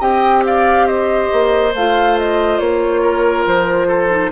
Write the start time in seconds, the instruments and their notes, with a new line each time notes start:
0.00 bassoon C4, clarinet G4, oboe D#5, flute G5
0.46 oboe D5, flute F5
0.87 oboe C5, flute D#5
1.32 bassoon A#3
1.74 bassoon A3, clarinet F4, flute F5
2.18 flute D#5
2.59 bassoon A#3, flute C#5
3.02 oboe A#4
3.46 bassoon F3, flute C5
3.87 oboe A4
4.10 clarinet D#4